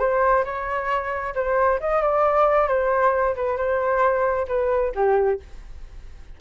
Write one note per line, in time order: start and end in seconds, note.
0.00 0.45 C5
0.45 1.35 C#5
1.36 1.80 C5
1.81 2.03 D#5
2.03 2.68 D5
2.68 3.35 C5
3.36 3.57 B4
3.57 4.47 C5
4.48 4.93 B4
4.96 5.40 G4